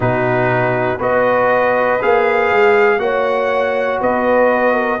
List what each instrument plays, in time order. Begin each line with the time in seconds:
0.00 tuba B2, trombone D#4, horn F#4, trumpet B4
0.97 tuba B3, trombone F#4, horn B4, trumpet D#5
2.01 tuba A#3, trombone G#4, trumpet F5
2.51 tuba G#3
2.98 tuba A#3, trombone F#4, horn C#5, trumpet F#5
4.00 tuba B3, horn B4, trumpet D#5
4.73 horn A#4